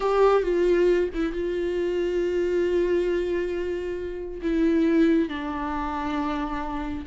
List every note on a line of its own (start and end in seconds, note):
0.00 0.43 G4
0.43 1.09 F4
1.14 1.32 E4
1.32 4.41 F4
4.41 5.29 E4
5.29 7.05 D4